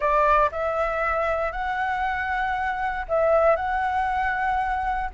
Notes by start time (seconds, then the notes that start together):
0.00 D5
0.51 E5
1.52 F#5
3.08 E5
3.56 F#5